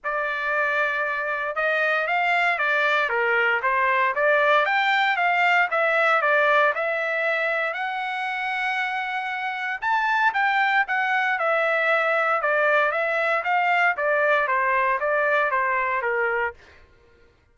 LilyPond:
\new Staff \with { instrumentName = "trumpet" } { \time 4/4 \tempo 4 = 116 d''2. dis''4 | f''4 d''4 ais'4 c''4 | d''4 g''4 f''4 e''4 | d''4 e''2 fis''4~ |
fis''2. a''4 | g''4 fis''4 e''2 | d''4 e''4 f''4 d''4 | c''4 d''4 c''4 ais'4 | }